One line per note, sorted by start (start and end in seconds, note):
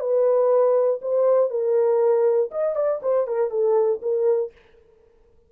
0.00 1.00 B4
1.02 1.50 C5
1.50 2.50 A#4
2.51 2.76 D#5
2.76 3.01 D5
3.02 3.27 C5
3.27 3.50 A#4
3.50 4.00 A4
4.02 4.52 A#4